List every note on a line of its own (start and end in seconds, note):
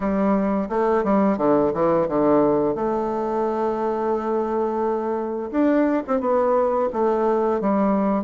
0.00 0.69 G3
0.69 1.03 A3
1.04 1.37 G3
1.37 1.72 D3
1.73 2.08 E3
2.08 2.75 D3
2.75 5.50 A3
5.51 6.03 D4
6.07 6.20 C4
6.20 6.89 B3
6.92 7.61 A3
7.61 8.24 G3